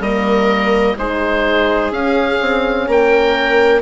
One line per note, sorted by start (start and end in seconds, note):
0.00 0.95 G3
0.00 0.98 A#3
0.00 0.96 A#4
0.00 0.97 D#5
0.97 1.91 G#3
0.97 1.93 D#4
0.97 2.88 G#4
0.97 1.92 C5
1.91 2.39 C#4
1.91 3.82 C#4
1.91 2.88 F5
2.41 2.87 C4
2.87 3.82 A#3
2.87 3.82 A#4
2.87 3.82 G5